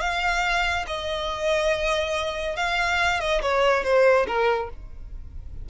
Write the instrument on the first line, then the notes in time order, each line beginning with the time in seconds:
violin
0.00 F5
0.87 D#5
2.56 F5
3.20 D#5
3.42 C#5
3.83 C5
4.26 A#4